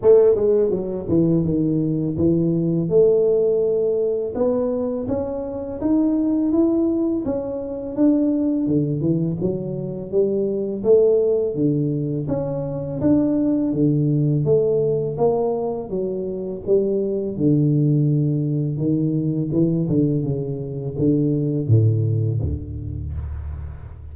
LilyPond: \new Staff \with { instrumentName = "tuba" } { \time 4/4 \tempo 4 = 83 a8 gis8 fis8 e8 dis4 e4 | a2 b4 cis'4 | dis'4 e'4 cis'4 d'4 | d8 e8 fis4 g4 a4 |
d4 cis'4 d'4 d4 | a4 ais4 fis4 g4 | d2 dis4 e8 d8 | cis4 d4 a,4 d,4 | }